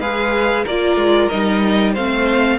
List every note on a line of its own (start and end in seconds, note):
0.00 0.65 G#3
0.00 0.65 G#4
0.00 0.64 B4
0.00 0.65 F5
0.64 0.96 A#3
0.64 1.31 F4
0.64 1.93 A#4
0.64 1.29 D5
0.96 1.28 G#3
1.29 1.97 G3
1.29 1.96 D#4
1.29 1.93 D#5
1.93 2.59 A3
1.93 2.59 C4
1.93 2.57 C5
1.93 2.59 F5